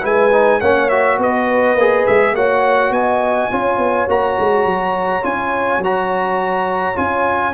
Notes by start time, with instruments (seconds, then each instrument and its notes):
0.00 tuba G#3, trombone E4, horn B4, trumpet G#5
0.32 trombone D#4
0.60 tuba A#3, trombone C#4, horn C#5, trumpet F#5
0.89 trombone F#4, trumpet E5
1.18 tuba B3, horn B4, trumpet D#5
1.75 tuba A#3, trombone G#4
2.06 tuba G#3, trumpet E5
2.32 tuba A#3, trombone F#4, horn C#5, trumpet F#5
2.90 tuba B3, horn D#5, trumpet G#5
3.50 tuba C#4, trombone F4, horn C#5
3.77 tuba B3
4.08 tuba A#3, trombone F#4, trumpet A#5
4.39 tuba G#3
4.64 tuba F#3
5.22 tuba C#4, trombone F4, trumpet G#5
5.77 tuba F#3
5.84 trombone F#4, trumpet A#5
6.95 tuba C#4, trombone F4, trumpet G#5